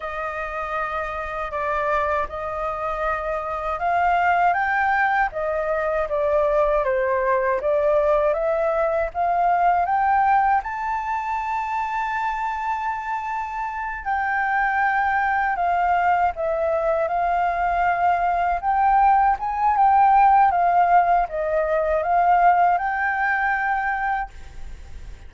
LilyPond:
\new Staff \with { instrumentName = "flute" } { \time 4/4 \tempo 4 = 79 dis''2 d''4 dis''4~ | dis''4 f''4 g''4 dis''4 | d''4 c''4 d''4 e''4 | f''4 g''4 a''2~ |
a''2~ a''8 g''4.~ | g''8 f''4 e''4 f''4.~ | f''8 g''4 gis''8 g''4 f''4 | dis''4 f''4 g''2 | }